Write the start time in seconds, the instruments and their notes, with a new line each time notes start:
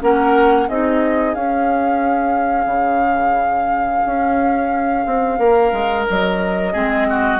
0.00 bassoon A#3, clarinet C#4, oboe A#4, flute F#5
0.68 bassoon C4, clarinet D#4, oboe G#4, flute D#5
1.34 bassoon C#4, clarinet C#4, flute F5
2.66 bassoon C#3
4.05 bassoon C#4
5.06 bassoon C4
5.38 bassoon A#3, oboe A#4
5.72 bassoon G#3
6.07 bassoon F#3, flute D#5
6.73 bassoon G#3, clarinet C4, oboe G#4
7.09 oboe F#4